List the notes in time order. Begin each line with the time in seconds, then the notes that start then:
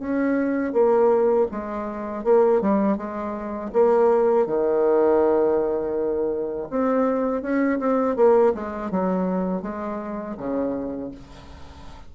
0.00 C#4
0.73 A#3
1.52 G#3
2.24 A#3
2.62 G3
2.97 G#3
3.73 A#3
4.46 D#3
6.71 C4
7.42 C#4
7.79 C4
8.16 A#3
8.55 G#3
8.91 F#3
9.63 G#3
10.38 C#3